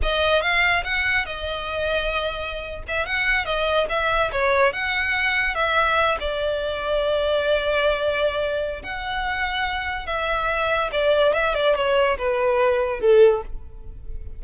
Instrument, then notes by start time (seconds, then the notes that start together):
violin
0.02 D#5
0.41 F5
0.84 F#5
1.25 D#5
2.87 E5
3.06 F#5
3.45 D#5
3.89 E5
4.32 C#5
4.72 F#5
5.54 E5
6.20 D5
8.82 F#5
10.06 E5
10.92 D5
11.33 E5
11.54 D5
11.75 C#5
12.18 B4
13.00 A4